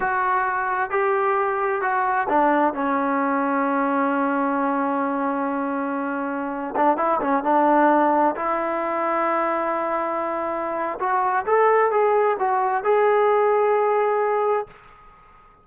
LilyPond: \new Staff \with { instrumentName = "trombone" } { \time 4/4 \tempo 4 = 131 fis'2 g'2 | fis'4 d'4 cis'2~ | cis'1~ | cis'2~ cis'8. d'8 e'8 cis'16~ |
cis'16 d'2 e'4.~ e'16~ | e'1 | fis'4 a'4 gis'4 fis'4 | gis'1 | }